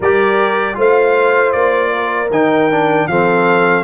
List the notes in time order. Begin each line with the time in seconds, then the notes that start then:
0.00 G3 G4 A#4 D5
0.74 A3 F4 C5
0.80 F5
1.51 A#3 D5
1.93 A#4
2.30 D#3 D#4 G5
2.71 D4
3.07 F3 C4 A4 F5